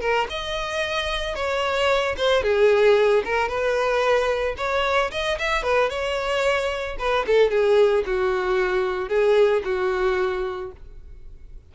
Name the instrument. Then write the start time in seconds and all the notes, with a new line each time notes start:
violin
0.00 A#4
0.29 D#5
1.35 C#5
2.17 C5
2.42 G#4
3.25 A#4
3.48 B4
4.57 C#5
5.11 D#5
5.38 E5
5.62 B4
5.90 C#5
6.99 B4
7.26 A4
7.50 G#4
8.06 F#4
9.09 G#4
9.64 F#4